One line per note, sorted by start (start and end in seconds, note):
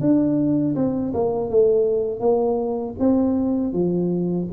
0.00 0.75 D4
0.75 1.12 C4
1.13 1.49 A#3
1.49 2.20 A3
2.20 2.95 A#3
2.99 3.72 C4
3.72 4.47 F3